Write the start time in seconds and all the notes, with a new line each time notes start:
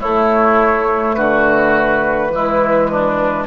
0.00 A3 E4 C#5
1.14 D3 F#4 B4
2.29 E3 G#3 E4
2.90 D4